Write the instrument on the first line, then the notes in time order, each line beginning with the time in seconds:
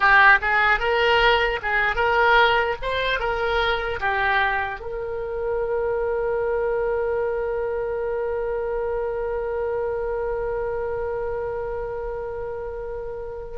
oboe
0.00 G4
0.41 G#4
0.79 A#4
1.62 G#4
1.95 A#4
2.81 C5
3.19 A#4
4.00 G4
4.80 A#4